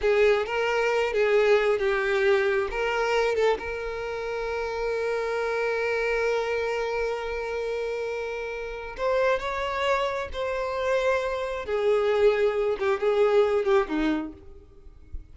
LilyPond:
\new Staff \with { instrumentName = "violin" } { \time 4/4 \tempo 4 = 134 gis'4 ais'4. gis'4. | g'2 ais'4. a'8 | ais'1~ | ais'1~ |
ais'1 | c''4 cis''2 c''4~ | c''2 gis'2~ | gis'8 g'8 gis'4. g'8 dis'4 | }